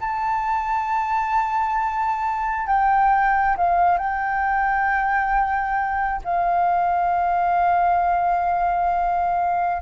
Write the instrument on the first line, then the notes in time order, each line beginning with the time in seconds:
flute
0.00 A5
2.67 G5
3.57 F5
3.98 G5
6.24 F5